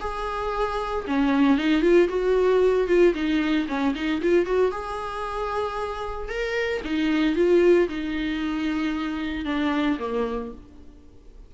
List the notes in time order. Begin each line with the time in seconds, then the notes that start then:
0.00 G#4
1.07 C#4
1.57 D#4
1.82 F4
2.08 F#4
2.87 F4
3.14 D#4
3.68 C#4
3.95 D#4
4.22 F4
4.45 F#4
4.71 G#4
6.28 A#4
6.84 D#4
7.35 F4
7.88 D#4
9.45 D4
9.99 A#3